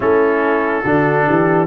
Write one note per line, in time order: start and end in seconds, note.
0.00 0.82 A3
0.00 0.84 C#4
0.00 0.83 E4
0.00 1.66 A4
0.83 1.27 D3
0.83 1.66 D4
0.83 1.25 F#4
1.26 1.66 E3
1.26 1.66 G4